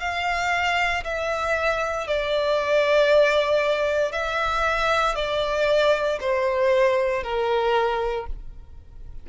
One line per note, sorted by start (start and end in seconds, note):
0.00 1.03 F5
1.04 2.07 E5
2.07 4.12 D5
4.12 5.15 E5
5.15 6.19 D5
6.20 7.23 C5
7.23 8.27 A#4